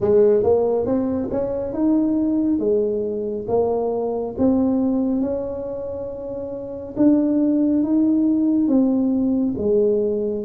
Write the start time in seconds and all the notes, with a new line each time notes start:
0.00 G#3
0.43 A#3
0.85 C4
1.30 C#4
1.73 D#4
2.59 G#3
3.48 A#3
4.38 C4
5.21 C#4
6.96 D4
7.83 D#4
8.68 C4
9.57 G#3